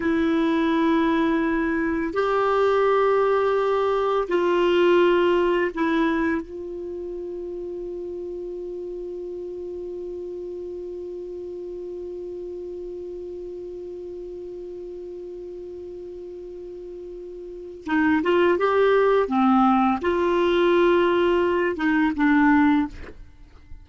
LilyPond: \new Staff \with { instrumentName = "clarinet" } { \time 4/4 \tempo 4 = 84 e'2. g'4~ | g'2 f'2 | e'4 f'2.~ | f'1~ |
f'1~ | f'1~ | f'4 dis'8 f'8 g'4 c'4 | f'2~ f'8 dis'8 d'4 | }